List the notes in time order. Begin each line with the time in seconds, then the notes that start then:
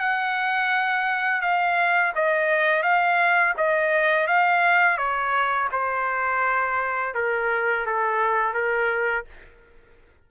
0.00 F#5
1.42 F5
2.16 D#5
2.83 F5
3.58 D#5
4.28 F5
4.98 C#5
5.72 C5
7.15 A#4
7.86 A4
8.54 A#4